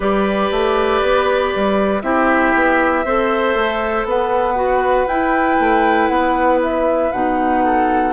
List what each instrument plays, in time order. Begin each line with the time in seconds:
0.00 bassoon G3, clarinet G4, oboe B4, flute D5
0.51 bassoon A3
1.02 bassoon B3
1.55 bassoon G3
2.01 bassoon C4, clarinet E4, oboe G4, flute E5
2.54 bassoon B3
3.04 bassoon C4, clarinet A4, oboe C5
3.54 bassoon A3
4.04 bassoon B3, oboe B4, flute F#5
4.55 clarinet F#4
5.06 bassoon E4, clarinet E4, flute G5
5.59 bassoon A3
6.07 bassoon B3, flute F#5
6.63 flute E5
7.11 bassoon B2, clarinet D#4, flute F#5
7.64 oboe A4